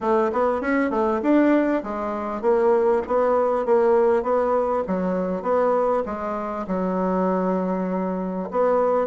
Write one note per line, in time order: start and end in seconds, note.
0.01 0.31 A3
0.32 0.61 B3
0.61 0.90 C#4
0.90 1.20 A3
1.22 1.82 D4
1.83 2.41 G#3
2.41 3.02 A#3
3.07 3.65 B3
3.65 4.22 A#3
4.22 4.83 B3
4.87 5.42 F#3
5.42 6.03 B3
6.05 6.66 G#3
6.67 8.48 F#3
8.50 9.07 B3